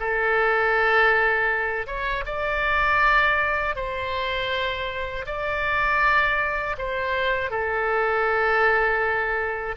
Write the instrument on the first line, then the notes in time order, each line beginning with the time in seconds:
oboe
0.00 A4
1.87 C#5
2.26 D5
3.76 C5
5.26 D5
6.78 C5
7.51 A4